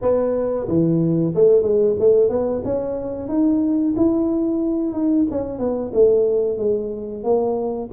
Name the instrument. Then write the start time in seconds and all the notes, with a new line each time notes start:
tuba
0.01 B3
0.67 E3
1.35 A3
1.62 G#3
1.99 A3
2.29 B3
2.64 C#4
3.28 D#4
3.96 E4
4.93 D#4
5.30 C#4
5.58 B3
5.93 A3
6.58 G#3
7.23 A#3